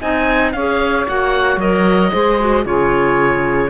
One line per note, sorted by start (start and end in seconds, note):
0.00 0.53 C4
0.00 0.54 D#4
0.00 0.53 D#5
0.00 0.52 G#5
0.52 1.06 C#4
0.52 1.06 G#4
0.52 2.11 C#5
0.52 1.05 F5
1.06 1.56 A#3
1.06 1.59 F#4
1.06 1.60 F#5
1.56 2.10 F#3
1.56 2.12 A#4
1.56 2.65 D#5
2.11 2.65 G#3
2.11 2.38 G#4
2.11 2.64 C5
2.39 2.65 F#4
2.65 3.69 C#3
2.65 3.69 F4
2.65 3.69 G#4
2.65 3.69 C#5